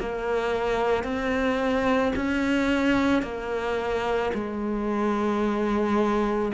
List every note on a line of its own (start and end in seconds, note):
0.00 1.04 A#3
1.04 2.13 C4
2.16 3.23 C#4
3.23 4.32 A#3
4.34 6.53 G#3